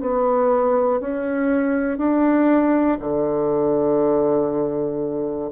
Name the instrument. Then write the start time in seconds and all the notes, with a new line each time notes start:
bassoon
0.00 B3
1.00 C#4
1.98 D4
3.00 D3